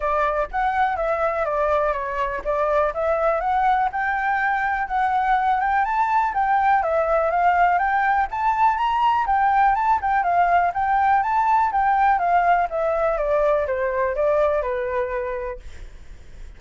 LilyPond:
\new Staff \with { instrumentName = "flute" } { \time 4/4 \tempo 4 = 123 d''4 fis''4 e''4 d''4 | cis''4 d''4 e''4 fis''4 | g''2 fis''4. g''8 | a''4 g''4 e''4 f''4 |
g''4 a''4 ais''4 g''4 | a''8 g''8 f''4 g''4 a''4 | g''4 f''4 e''4 d''4 | c''4 d''4 b'2 | }